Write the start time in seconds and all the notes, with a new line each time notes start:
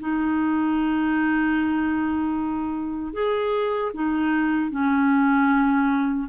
0.00 D#4
3.13 G#4
3.94 D#4
4.71 C#4